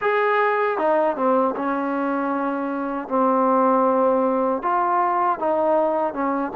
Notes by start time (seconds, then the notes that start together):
0.01 G#4
0.78 D#4
1.16 C4
1.56 C#4
3.08 C4
4.62 F4
5.39 D#4
6.13 C#4